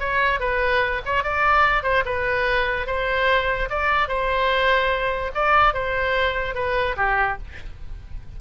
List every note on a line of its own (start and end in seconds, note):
0.00 0.40 C#5
0.40 1.02 B4
1.06 1.23 C#5
1.23 1.83 D5
1.83 2.04 C5
2.05 2.87 B4
2.87 3.69 C5
3.70 4.08 D5
4.08 5.31 C5
5.35 5.74 D5
5.74 6.55 C5
6.55 6.96 B4
6.97 7.38 G4